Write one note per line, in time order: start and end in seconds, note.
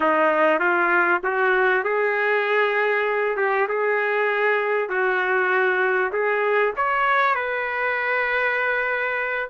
0.00 0.59 D#4
0.59 1.21 F4
1.23 1.84 F#4
1.84 3.36 G#4
3.36 3.67 G4
3.68 4.89 G#4
4.89 6.11 F#4
6.12 6.73 G#4
6.76 7.35 C#5
7.35 9.49 B4